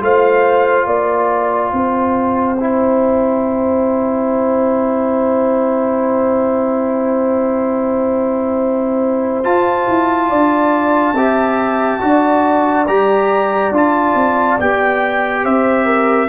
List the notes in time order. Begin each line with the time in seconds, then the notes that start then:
0.00 A3 F4 C5 F5
0.86 A#3 D5 G5
1.72 C4 C5
2.60 E4
9.44 F4 A5
9.88 E4
10.28 D4 D5
11.13 C4 G4 E5
12.00 D4 F#4 D5
12.87 G3 G4 A#5
13.71 D4 F4 A5
14.14 C4
14.59 B3 G4 G5
15.44 C4 C5 E5
15.85 A#4